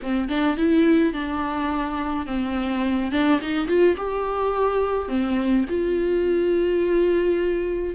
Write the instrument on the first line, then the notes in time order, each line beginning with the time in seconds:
viola
0.02 C4
0.28 D4
0.57 E4
1.13 D4
2.26 C4
3.11 D4
3.41 D#4
3.67 F4
3.96 G4
5.08 C4
5.69 F4